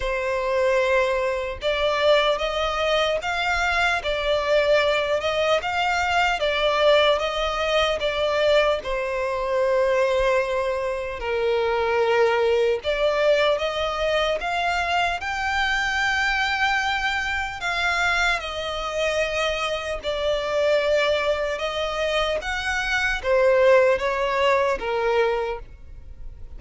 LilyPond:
\new Staff \with { instrumentName = "violin" } { \time 4/4 \tempo 4 = 75 c''2 d''4 dis''4 | f''4 d''4. dis''8 f''4 | d''4 dis''4 d''4 c''4~ | c''2 ais'2 |
d''4 dis''4 f''4 g''4~ | g''2 f''4 dis''4~ | dis''4 d''2 dis''4 | fis''4 c''4 cis''4 ais'4 | }